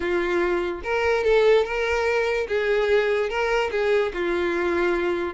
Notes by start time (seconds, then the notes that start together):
0.00 F4
0.83 A#4
1.23 A4
1.64 A#4
2.48 G#4
3.29 A#4
3.71 G#4
4.13 F4